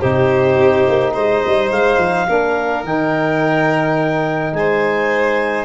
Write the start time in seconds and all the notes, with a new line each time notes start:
0.00 C3 D#4 G4 C5
0.57 C4
0.88 A#3
1.14 G#3 C5 D#5
1.46 G3
1.71 G#3 F5
1.98 F3
2.29 A#3 D4 A#4
2.84 D#3 D#4 G5
4.53 G#3 C5 G#5